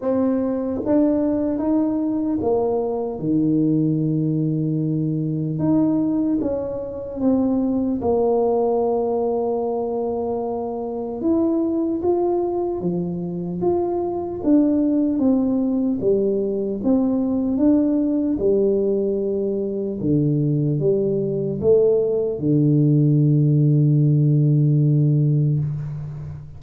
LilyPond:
\new Staff \with { instrumentName = "tuba" } { \time 4/4 \tempo 4 = 75 c'4 d'4 dis'4 ais4 | dis2. dis'4 | cis'4 c'4 ais2~ | ais2 e'4 f'4 |
f4 f'4 d'4 c'4 | g4 c'4 d'4 g4~ | g4 d4 g4 a4 | d1 | }